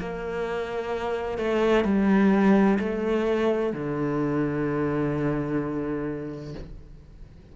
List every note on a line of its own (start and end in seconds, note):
0.00 1.38 A#3
1.38 1.85 A3
1.85 2.78 G3
2.80 3.73 A3
3.73 6.55 D3